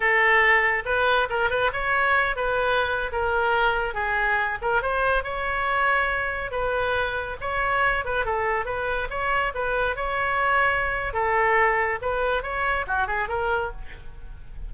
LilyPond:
\new Staff \with { instrumentName = "oboe" } { \time 4/4 \tempo 4 = 140 a'2 b'4 ais'8 b'8 | cis''4. b'4.~ b'16 ais'8.~ | ais'4~ ais'16 gis'4. ais'8 c''8.~ | c''16 cis''2. b'8.~ |
b'4~ b'16 cis''4. b'8 a'8.~ | a'16 b'4 cis''4 b'4 cis''8.~ | cis''2 a'2 | b'4 cis''4 fis'8 gis'8 ais'4 | }